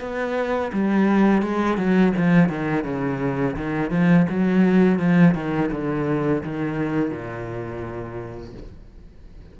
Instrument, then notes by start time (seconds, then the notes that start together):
cello
0.00 B3
0.73 G3
1.43 G#3
1.77 F#3
2.17 F3
2.49 D#3
2.84 C#3
3.56 D#3
3.91 F3
4.30 F#3
4.99 F3
5.34 D#3
5.71 D3
6.44 D#3
7.11 A#2